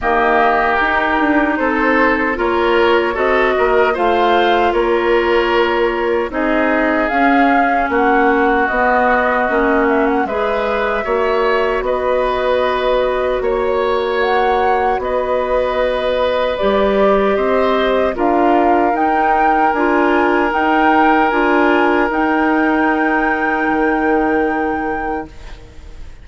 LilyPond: <<
  \new Staff \with { instrumentName = "flute" } { \time 4/4 \tempo 4 = 76 dis''4 ais'4 c''4 cis''4 | dis''4 f''4 cis''2 | dis''4 f''4 fis''4 dis''4~ | dis''8 e''16 fis''16 e''2 dis''4~ |
dis''4 cis''4 fis''4 dis''4~ | dis''4 d''4 dis''4 f''4 | g''4 gis''4 g''4 gis''4 | g''1 | }
  \new Staff \with { instrumentName = "oboe" } { \time 4/4 g'2 a'4 ais'4 | a'8 ais'8 c''4 ais'2 | gis'2 fis'2~ | fis'4 b'4 cis''4 b'4~ |
b'4 cis''2 b'4~ | b'2 c''4 ais'4~ | ais'1~ | ais'1 | }
  \new Staff \with { instrumentName = "clarinet" } { \time 4/4 ais4 dis'2 f'4 | fis'4 f'2. | dis'4 cis'2 b4 | cis'4 gis'4 fis'2~ |
fis'1~ | fis'4 g'2 f'4 | dis'4 f'4 dis'4 f'4 | dis'1 | }
  \new Staff \with { instrumentName = "bassoon" } { \time 4/4 dis4 dis'8 d'8 c'4 ais4 | c'8 ais8 a4 ais2 | c'4 cis'4 ais4 b4 | ais4 gis4 ais4 b4~ |
b4 ais2 b4~ | b4 g4 c'4 d'4 | dis'4 d'4 dis'4 d'4 | dis'2 dis2 | }
>>